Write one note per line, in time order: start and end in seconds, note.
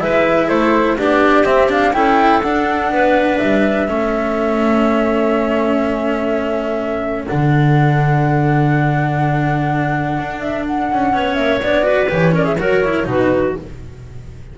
0.00 0.49 G#3
0.00 0.97 E4
0.00 0.48 B4
0.00 0.48 E5
0.48 0.97 A3
0.48 0.96 A4
0.48 0.97 C5
0.98 1.45 B3
0.98 1.45 D4
0.98 1.95 G4
0.98 1.45 D5
1.45 1.69 C4
1.45 1.93 C4
1.45 1.69 E5
1.69 1.93 D4
1.69 1.93 F5
1.93 2.42 C#4
1.93 2.42 E4
1.93 2.92 A4
1.93 2.42 G5
2.42 2.90 D4
2.42 3.88 D4
2.42 3.37 F#5
2.90 3.39 B3
2.90 3.90 B4
3.37 3.88 G3
3.37 7.24 E5
3.88 7.27 A3
3.88 7.26 C#4
3.88 11.15 A4
7.27 10.19 D3
7.27 11.13 D4
7.27 10.40 F#5
10.19 10.91 D4
10.40 10.64 E5
10.66 11.35 F#5
10.92 11.14 C#4
11.13 11.37 B3
11.13 11.61 C#4
11.13 11.85 C#5
11.35 11.61 A#3
11.35 11.59 E5
11.62 12.10 B3
11.62 11.82 D4
11.62 12.10 D5
11.82 12.07 F#4
11.82 12.34 B4
12.09 12.58 E3
12.09 12.32 G4
12.09 12.36 C#5
12.32 12.56 C#4
12.32 12.44 A#4
12.32 12.45 D5
12.44 12.56 G#4
12.44 12.57 E5
12.58 13.06 F#3
12.58 12.84 F#4
12.58 13.08 A#4
12.58 13.08 C#5
12.84 13.04 E4
13.04 13.55 B2
13.04 13.53 D#4
13.04 13.58 F#4
13.04 13.56 B4